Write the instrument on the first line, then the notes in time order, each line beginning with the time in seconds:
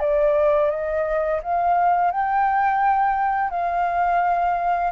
flute
0.00 D5
0.70 D#5
1.43 F5
2.11 G5
3.50 F5